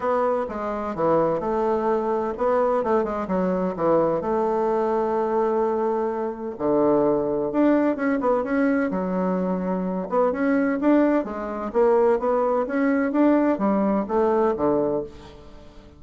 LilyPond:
\new Staff \with { instrumentName = "bassoon" } { \time 4/4 \tempo 4 = 128 b4 gis4 e4 a4~ | a4 b4 a8 gis8 fis4 | e4 a2.~ | a2 d2 |
d'4 cis'8 b8 cis'4 fis4~ | fis4. b8 cis'4 d'4 | gis4 ais4 b4 cis'4 | d'4 g4 a4 d4 | }